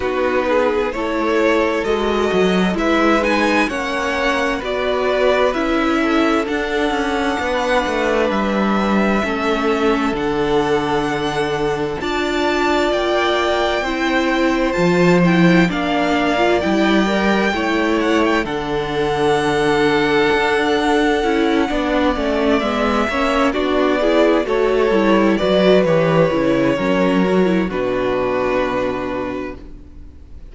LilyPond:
<<
  \new Staff \with { instrumentName = "violin" } { \time 4/4 \tempo 4 = 65 b'4 cis''4 dis''4 e''8 gis''8 | fis''4 d''4 e''4 fis''4~ | fis''4 e''2 fis''4~ | fis''4 a''4 g''2 |
a''8 g''8 f''4 g''4. fis''16 g''16 | fis''1~ | fis''8 e''4 d''4 cis''4 d''8 | cis''2 b'2 | }
  \new Staff \with { instrumentName = "violin" } { \time 4/4 fis'8 gis'8 a'2 b'4 | cis''4 b'4. a'4. | b'2 a'2~ | a'4 d''2 c''4~ |
c''4 d''2 cis''4 | a'2.~ a'8 d''8~ | d''4 cis''8 fis'8 gis'8 a'4 b'8~ | b'4 ais'4 fis'2 | }
  \new Staff \with { instrumentName = "viola" } { \time 4/4 dis'4 e'4 fis'4 e'8 dis'8 | cis'4 fis'4 e'4 d'4~ | d'2 cis'4 d'4~ | d'4 f'2 e'4 |
f'8 e'8 d'8. f'16 e'8 ais'8 e'4 | d'2. e'8 d'8 | cis'8 b8 cis'8 d'8 e'8 fis'8 e'8 fis'8 | g'8 e'8 cis'8 fis'16 e'16 d'2 | }
  \new Staff \with { instrumentName = "cello" } { \time 4/4 b4 a4 gis8 fis8 gis4 | ais4 b4 cis'4 d'8 cis'8 | b8 a8 g4 a4 d4~ | d4 d'4 ais4 c'4 |
f4 ais4 g4 a4 | d2 d'4 cis'8 b8 | a8 gis8 ais8 b4 a8 g8 fis8 | e8 cis8 fis4 b,2 | }
>>